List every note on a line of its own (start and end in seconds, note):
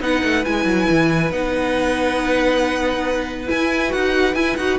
0.00 0.22 B3
0.00 0.43 D#4
0.00 4.79 B4
0.00 0.45 F#5
0.24 0.45 A3
0.45 0.65 G#3
0.45 1.32 E4
0.45 1.32 G#5
0.65 0.87 F#3
0.90 1.31 E3
1.31 3.49 B3
1.31 3.47 D#4
1.31 3.50 F#5
3.47 3.89 E4
3.47 3.94 E4
3.47 3.92 G#5
3.89 4.35 D#4
3.89 4.32 F#4
3.89 4.35 F#5
4.35 4.57 E4
4.35 4.58 E4
4.35 4.56 G#5
4.56 4.79 D#4
4.56 4.79 F#4
4.56 4.78 F#5